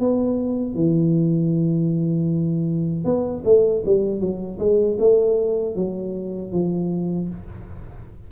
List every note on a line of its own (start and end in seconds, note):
0.00 0.75 B3
0.75 3.05 E3
3.05 3.43 B3
3.45 3.83 A3
3.85 4.20 G3
4.20 4.59 F#3
4.59 4.98 G#3
4.99 5.76 A3
5.76 6.52 F#3
6.52 7.29 F3